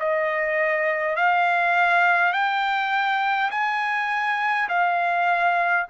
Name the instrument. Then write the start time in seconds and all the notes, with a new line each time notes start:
trumpet
0.00 D#5
1.17 F5
2.33 G5
3.51 G#5
4.70 F5